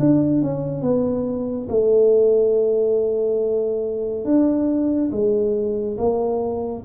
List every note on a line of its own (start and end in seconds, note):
0.00 0.42 D4
0.42 0.82 C#4
0.82 1.68 B3
1.70 4.25 A3
4.25 5.11 D4
5.12 5.98 G#3
5.98 6.84 A#3